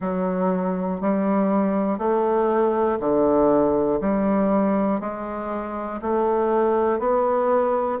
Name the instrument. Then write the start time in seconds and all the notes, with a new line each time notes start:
bassoon
0.00 F#3
1.00 G3
1.98 A3
3.00 D3
4.00 G3
5.00 G#3
6.01 A3
6.99 B3